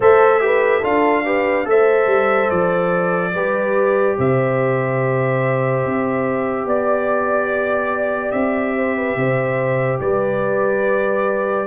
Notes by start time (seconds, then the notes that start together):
0.00 A3 A4 C5 E5
0.40 G4 B4
0.80 D4 F4 A4 F5
1.24 G4 B4
1.65 A3 A4 C5 E5
2.06 G3
2.50 F3 D5
3.33 G3 G4 B4
4.17 C3 C5 E5
5.85 C4
6.65 B3 D5
8.31 C4 E5
8.76 C5
8.96 B4
9.16 C3 C5
10.00 G3 B4 D5